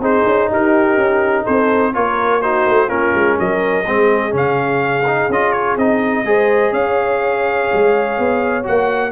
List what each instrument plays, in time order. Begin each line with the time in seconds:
0.00 tuba C4, trombone D#4, horn G#4, trumpet C5
0.26 tuba C#4
0.49 tuba D#4, horn G4, trumpet A#4
0.97 tuba C#4
1.44 tuba C4, horn A4, trumpet C5
1.94 tuba A#3, trombone F4, horn A#4, trumpet C#5
2.42 trombone D#4, horn F#4, trumpet C5
2.67 tuba A3
2.89 tuba A#3, trombone C#4, horn F4, trumpet A#4
3.15 tuba G#3
3.38 tuba F#3, horn A#4, trumpet D#5
3.87 tuba G#3, trombone C4, horn G#4
4.31 tuba C#3, trombone C#4, trumpet F5
5.07 trombone D#4
5.29 tuba C#4, trombone F4, trumpet D#5
5.53 trumpet C#5
5.77 tuba C4, trombone D#4, trumpet D#5
6.25 tuba G#3, trombone G#4, horn C5
6.73 tuba C#4, horn C#5, trumpet F5
7.74 tuba G#3
8.19 tuba B3
8.63 tuba A#3, trombone F#4, trumpet F#5